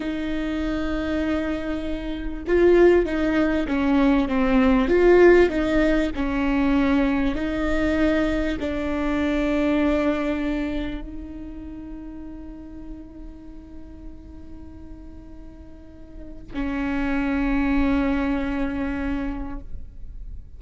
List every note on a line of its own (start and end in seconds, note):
0.00 2.43 D#4
2.47 3.05 F4
3.05 3.67 D#4
3.67 4.28 C#4
4.28 4.88 C4
4.88 5.49 F4
5.49 6.11 D#4
6.15 7.35 C#4
7.35 8.57 D#4
8.60 11.01 D4
11.01 16.52 D#4
16.53 19.59 C#4